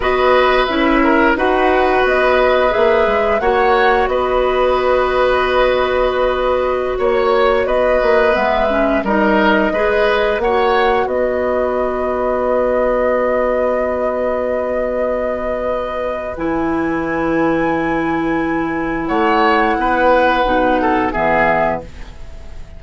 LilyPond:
<<
  \new Staff \with { instrumentName = "flute" } { \time 4/4 \tempo 4 = 88 dis''4 e''4 fis''4 dis''4 | e''4 fis''4 dis''2~ | dis''2~ dis''16 cis''4 dis''8.~ | dis''16 e''4 dis''2 fis''8.~ |
fis''16 dis''2.~ dis''8.~ | dis''1 | gis''1 | fis''2. e''4 | }
  \new Staff \with { instrumentName = "oboe" } { \time 4/4 b'4. ais'8 b'2~ | b'4 cis''4 b'2~ | b'2~ b'16 cis''4 b'8.~ | b'4~ b'16 ais'4 b'4 cis''8.~ |
cis''16 b'2.~ b'8.~ | b'1~ | b'1 | cis''4 b'4. a'8 gis'4 | }
  \new Staff \with { instrumentName = "clarinet" } { \time 4/4 fis'4 e'4 fis'2 | gis'4 fis'2.~ | fis'1~ | fis'16 b8 cis'8 dis'4 gis'4 fis'8.~ |
fis'1~ | fis'1 | e'1~ | e'2 dis'4 b4 | }
  \new Staff \with { instrumentName = "bassoon" } { \time 4/4 b4 cis'4 dis'4 b4 | ais8 gis8 ais4 b2~ | b2~ b16 ais4 b8 ais16~ | ais16 gis4 g4 gis4 ais8.~ |
ais16 b2.~ b8.~ | b1 | e1 | a4 b4 b,4 e4 | }
>>